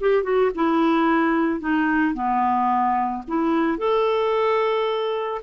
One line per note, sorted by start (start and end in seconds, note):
0.00 0.23 G4
0.23 0.50 F#4
0.55 1.60 E4
1.60 2.14 D#4
2.14 3.23 B3
3.27 3.78 E4
3.78 5.41 A4